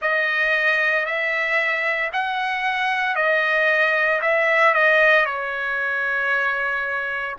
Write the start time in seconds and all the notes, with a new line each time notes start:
0.01 D#5
1.05 E5
2.12 F#5
3.15 D#5
4.21 E5
4.74 D#5
5.25 C#5